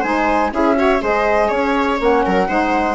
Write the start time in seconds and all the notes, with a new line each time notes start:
0.00 G#3 D#4 C5 G#5
0.52 C#4 E4 G#4 E5
0.76 F#4 C#5
1.00 G#3 G#4 C5 D#5
1.49 C#4 C#5
1.99 A#3 C#4 F#5
2.26 F#3 A#4
2.49 G#3 D#4 C5